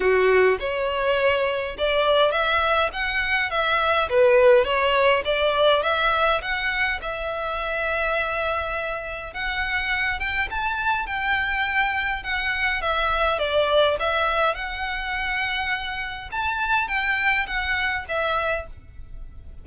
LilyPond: \new Staff \with { instrumentName = "violin" } { \time 4/4 \tempo 4 = 103 fis'4 cis''2 d''4 | e''4 fis''4 e''4 b'4 | cis''4 d''4 e''4 fis''4 | e''1 |
fis''4. g''8 a''4 g''4~ | g''4 fis''4 e''4 d''4 | e''4 fis''2. | a''4 g''4 fis''4 e''4 | }